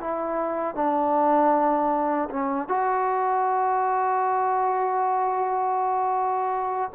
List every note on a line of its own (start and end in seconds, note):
0.00 0.74 E4
0.74 2.28 D4
2.29 2.68 C#4
2.68 6.91 F#4